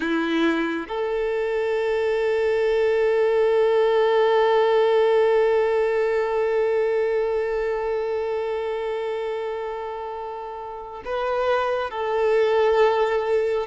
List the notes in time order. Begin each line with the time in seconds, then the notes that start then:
0.00 E4
0.88 A4
11.05 B4
11.90 A4